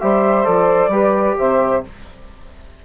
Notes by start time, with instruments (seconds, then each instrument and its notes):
0.00 bassoon G3, trombone G4, saxophone C5, flute E5
0.44 bassoon F3, trombone A4, flute D5
0.88 bassoon G3, trombone G4, saxophone B4
1.38 bassoon C3, saxophone C5, flute E5